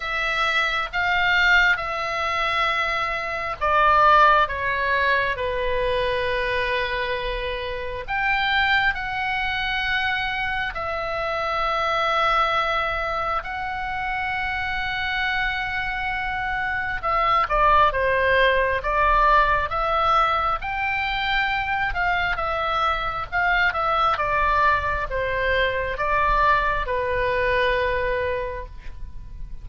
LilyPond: \new Staff \with { instrumentName = "oboe" } { \time 4/4 \tempo 4 = 67 e''4 f''4 e''2 | d''4 cis''4 b'2~ | b'4 g''4 fis''2 | e''2. fis''4~ |
fis''2. e''8 d''8 | c''4 d''4 e''4 g''4~ | g''8 f''8 e''4 f''8 e''8 d''4 | c''4 d''4 b'2 | }